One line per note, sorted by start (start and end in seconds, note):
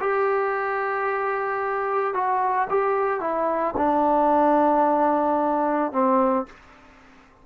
0.00 2.14 G4
2.14 2.68 F#4
2.69 3.20 G4
3.20 3.74 E4
3.77 5.92 D4
5.92 6.46 C4